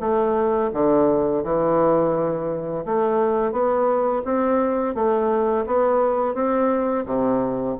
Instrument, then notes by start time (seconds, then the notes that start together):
bassoon
0.00 A3
0.73 D3
1.44 E3
2.85 A3
3.52 B3
4.25 C4
4.95 A3
5.67 B3
6.34 C4
7.06 C3